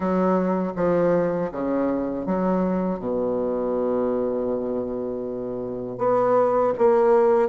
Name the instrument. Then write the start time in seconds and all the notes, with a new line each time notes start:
bassoon
0.00 F#3
0.75 F3
1.51 C#3
2.26 F#3
2.99 B2
5.98 B3
6.77 A#3